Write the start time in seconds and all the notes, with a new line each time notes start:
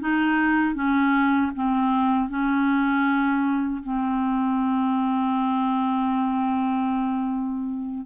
0.00 D#4
0.75 C#4
1.55 C4
2.29 C#4
3.83 C4